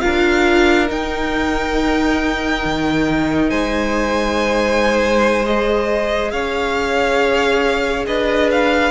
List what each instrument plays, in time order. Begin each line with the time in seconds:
0.00 cello D4, viola F4, violin A#4 F5
0.87 viola D#4, cello D#4, violin G5
2.64 cello D#3
3.49 cello G#3, violin C5 G#5
5.44 viola G#4, violin D#5
6.31 cello C#4, violin C#5 F5
8.07 cello D4, violin B4 D#5
8.51 violin F5